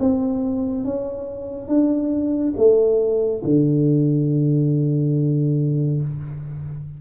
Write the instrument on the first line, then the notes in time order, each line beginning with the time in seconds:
tuba
0.00 C4
0.85 C#4
1.68 D4
2.57 A3
3.44 D3